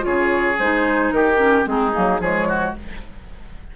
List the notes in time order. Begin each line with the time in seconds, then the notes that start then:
0.00 C#3 F4 G#4 C#5
0.59 G#3 D#4 C5
1.12 D#3 G4 A#4
1.37 C#4
1.64 G#3 C4 D#4 G#4
1.93 F#3 A#3
2.19 F3 G#3 G#4 C#5
2.48 F#4